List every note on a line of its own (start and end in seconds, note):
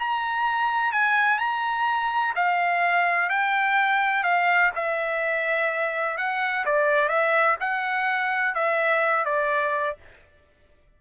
0.00 0.93 A#5
0.93 1.39 G#5
1.39 2.34 A#5
2.36 3.30 F5
3.30 4.24 G5
4.24 4.71 F5
4.76 6.18 E5
6.18 6.65 F#5
6.66 7.09 D5
7.09 7.57 E5
7.60 8.55 F#5
8.55 9.26 E5
9.26 9.97 D5